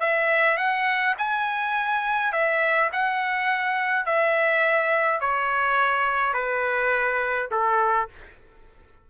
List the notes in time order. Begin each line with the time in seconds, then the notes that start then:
0.00 E5
0.57 F#5
1.18 G#5
2.32 E5
2.92 F#5
4.05 E5
5.20 C#5
6.34 B4
7.51 A4